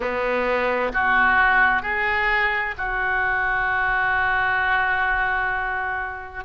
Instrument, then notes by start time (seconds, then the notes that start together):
oboe
0.00 B3
0.93 F#4
1.82 G#4
2.77 F#4